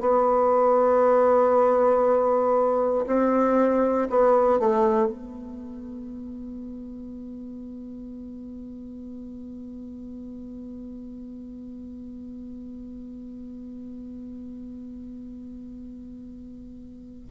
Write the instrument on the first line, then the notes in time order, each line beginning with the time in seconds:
bassoon
0.00 B3
3.06 C4
4.10 B3
4.59 A3
5.07 B3